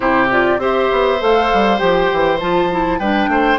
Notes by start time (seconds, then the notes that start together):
0.00 C3 E4 G4 C5
0.30 F4 D5
0.58 C4 G4 C5 E5
0.91 B3
1.19 A3 A4 F5
1.53 G3
1.78 F3 G4 G5
2.12 E3
2.40 F3 F4 A5
2.70 E4
2.99 G3 D4 B4 G5
3.27 A3 C5